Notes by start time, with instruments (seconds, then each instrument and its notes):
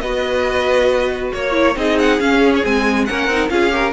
0.00 cello B3, viola F#4, violin B4 D#5
1.33 cello A#3, violin C#5
1.51 viola E4
1.76 cello C4, viola D#4, violin G#4 D#5
1.99 violin F#5
2.20 viola C#4, cello C#4, violin F5
2.55 violin C#5
2.63 cello G#3, viola C4, violin G#5
3.05 cello A#3, viola C#4, violin A#4 F#5
3.27 cello C4, viola D#4
3.49 cello C#4, viola F4, violin G#4 F5
3.70 viola G4, violin A#4